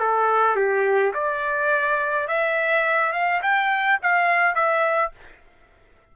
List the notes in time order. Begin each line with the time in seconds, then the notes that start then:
0.00 A4
0.56 G4
1.14 D5
2.28 E5
3.12 F5
3.42 G5
4.02 F5
4.55 E5